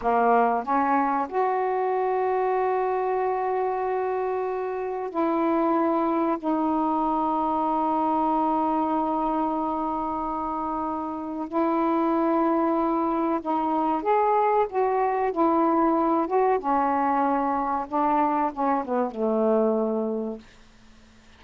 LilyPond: \new Staff \with { instrumentName = "saxophone" } { \time 4/4 \tempo 4 = 94 ais4 cis'4 fis'2~ | fis'1 | e'2 dis'2~ | dis'1~ |
dis'2 e'2~ | e'4 dis'4 gis'4 fis'4 | e'4. fis'8 cis'2 | d'4 cis'8 b8 a2 | }